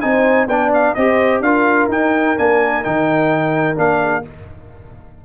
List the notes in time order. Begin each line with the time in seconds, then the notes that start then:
0.00 C4 D#4 C5 G#5
0.47 B3 D4 D5 G5
0.73 F5
0.94 C4 G4 C5 D#5
1.40 D4 F4 A#4 F5
1.88 D#4 G5
2.37 A#3 D4 G#5
2.83 D#3 D#4 G5
3.75 A#3 D4 F5
4.00 G#4